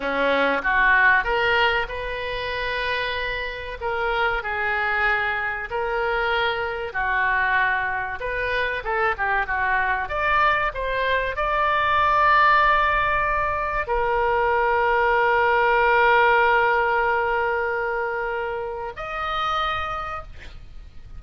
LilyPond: \new Staff \with { instrumentName = "oboe" } { \time 4/4 \tempo 4 = 95 cis'4 fis'4 ais'4 b'4~ | b'2 ais'4 gis'4~ | gis'4 ais'2 fis'4~ | fis'4 b'4 a'8 g'8 fis'4 |
d''4 c''4 d''2~ | d''2 ais'2~ | ais'1~ | ais'2 dis''2 | }